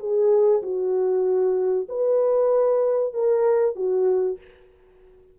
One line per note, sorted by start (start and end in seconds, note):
0.00 0.62 G#4
0.63 1.88 F#4
1.89 3.14 B4
3.14 3.76 A#4
3.76 4.39 F#4